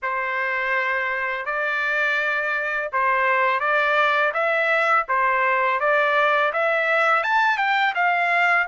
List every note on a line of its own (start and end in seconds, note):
0.02 1.45 C5
1.45 2.90 D5
2.92 3.60 C5
3.60 4.32 D5
4.33 5.06 E5
5.08 5.80 C5
5.80 6.52 D5
6.52 7.23 E5
7.23 7.57 A5
7.57 7.93 G5
7.95 8.67 F5